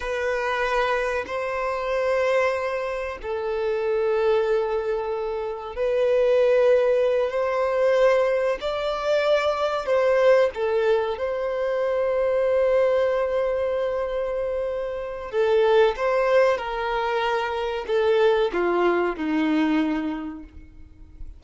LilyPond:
\new Staff \with { instrumentName = "violin" } { \time 4/4 \tempo 4 = 94 b'2 c''2~ | c''4 a'2.~ | a'4 b'2~ b'8 c''8~ | c''4. d''2 c''8~ |
c''8 a'4 c''2~ c''8~ | c''1 | a'4 c''4 ais'2 | a'4 f'4 dis'2 | }